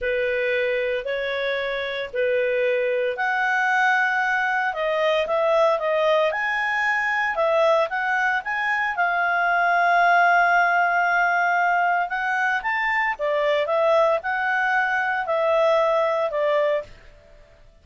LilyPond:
\new Staff \with { instrumentName = "clarinet" } { \time 4/4 \tempo 4 = 114 b'2 cis''2 | b'2 fis''2~ | fis''4 dis''4 e''4 dis''4 | gis''2 e''4 fis''4 |
gis''4 f''2.~ | f''2. fis''4 | a''4 d''4 e''4 fis''4~ | fis''4 e''2 d''4 | }